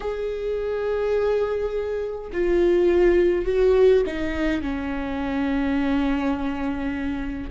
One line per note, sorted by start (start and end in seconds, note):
0.00 2.30 G#4
2.33 3.45 F4
3.45 4.03 F#4
4.06 4.61 D#4
4.61 7.50 C#4